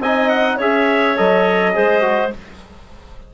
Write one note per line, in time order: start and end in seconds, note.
0.00 0.58 C4
0.00 0.61 D#4
0.00 0.57 D#5
0.00 0.29 G#5
0.29 0.58 F#5
0.57 1.18 C#4
0.57 1.17 G#4
0.57 1.73 C#5
0.57 1.18 E5
1.17 1.77 F#3
1.17 1.74 A4
1.17 2.33 D#5
1.74 2.34 G#3
1.74 2.01 G#4
1.74 2.33 C5
2.01 2.30 F#4